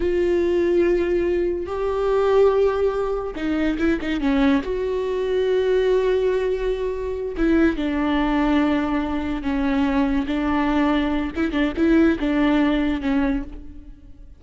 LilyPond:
\new Staff \with { instrumentName = "viola" } { \time 4/4 \tempo 4 = 143 f'1 | g'1 | dis'4 e'8 dis'8 cis'4 fis'4~ | fis'1~ |
fis'4. e'4 d'4.~ | d'2~ d'8 cis'4.~ | cis'8 d'2~ d'8 e'8 d'8 | e'4 d'2 cis'4 | }